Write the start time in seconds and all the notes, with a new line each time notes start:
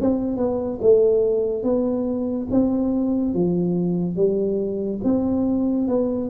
0.00 C4
0.36 B3
0.81 A3
1.63 B3
2.50 C4
3.34 F3
4.15 G3
5.03 C4
5.87 B3